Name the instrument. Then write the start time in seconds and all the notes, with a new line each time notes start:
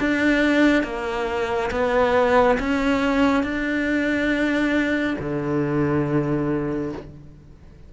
cello
0.00 D4
0.83 A#3
1.71 B3
2.59 C#4
3.43 D4
5.19 D3